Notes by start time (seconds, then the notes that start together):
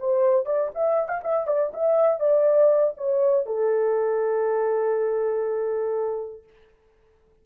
0.00 C5
0.46 D5
0.75 E5
1.09 F5
1.24 E5
1.48 D5
1.74 E5
2.20 D5
2.98 C#5
3.46 A4